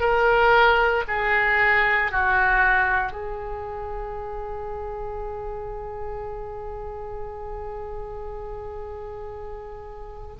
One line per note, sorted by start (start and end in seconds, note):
0.00 1.03 A#4
1.08 2.11 G#4
2.11 3.12 F#4
3.12 10.36 G#4